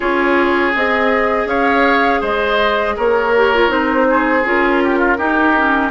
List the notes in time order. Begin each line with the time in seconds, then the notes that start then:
0.00 C#4 F4 G#4 C#5
0.75 C4 G#4 D#5
1.45 C#4 C#5 F5
2.20 G#3 C5 D#5
2.96 A#3 A#4 C#5
3.35 G4
3.54 F4
3.68 C4 D#4 C5
4.09 G#4
4.44 C#4 F4 A#4
4.83 G4
4.98 F4
5.17 D#4 G4
5.55 C#4